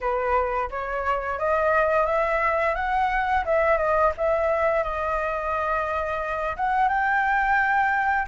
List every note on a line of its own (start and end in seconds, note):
0.00 0.69 B4
0.70 1.38 C#5
1.38 2.06 D#5
2.06 2.75 E5
2.75 3.44 F#5
3.45 3.77 E5
3.77 4.12 D#5
4.17 4.83 E5
4.83 6.55 D#5
6.56 6.88 F#5
6.88 8.26 G5